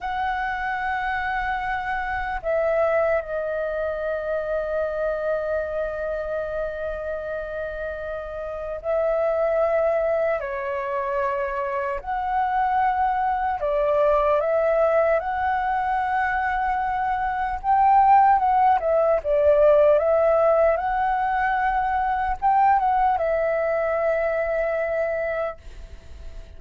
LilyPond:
\new Staff \with { instrumentName = "flute" } { \time 4/4 \tempo 4 = 75 fis''2. e''4 | dis''1~ | dis''2. e''4~ | e''4 cis''2 fis''4~ |
fis''4 d''4 e''4 fis''4~ | fis''2 g''4 fis''8 e''8 | d''4 e''4 fis''2 | g''8 fis''8 e''2. | }